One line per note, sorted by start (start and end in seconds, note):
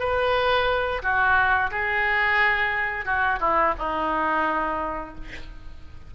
0.00 1.02 B4
1.03 1.71 F#4
1.71 3.06 G#4
3.06 3.40 F#4
3.40 3.74 E4
3.79 5.15 D#4